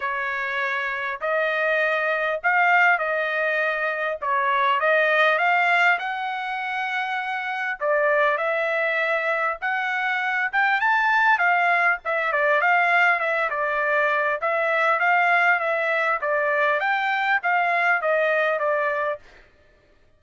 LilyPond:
\new Staff \with { instrumentName = "trumpet" } { \time 4/4 \tempo 4 = 100 cis''2 dis''2 | f''4 dis''2 cis''4 | dis''4 f''4 fis''2~ | fis''4 d''4 e''2 |
fis''4. g''8 a''4 f''4 | e''8 d''8 f''4 e''8 d''4. | e''4 f''4 e''4 d''4 | g''4 f''4 dis''4 d''4 | }